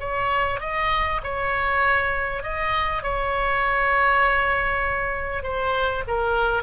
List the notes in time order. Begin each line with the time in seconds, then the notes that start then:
0.00 C#5
0.61 D#5
1.23 C#5
2.43 D#5
3.03 C#5
5.43 C5
6.08 A#4